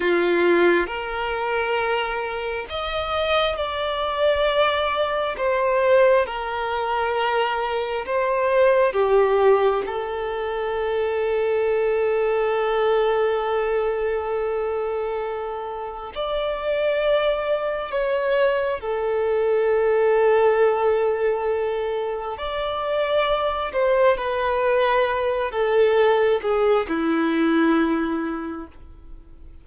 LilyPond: \new Staff \with { instrumentName = "violin" } { \time 4/4 \tempo 4 = 67 f'4 ais'2 dis''4 | d''2 c''4 ais'4~ | ais'4 c''4 g'4 a'4~ | a'1~ |
a'2 d''2 | cis''4 a'2.~ | a'4 d''4. c''8 b'4~ | b'8 a'4 gis'8 e'2 | }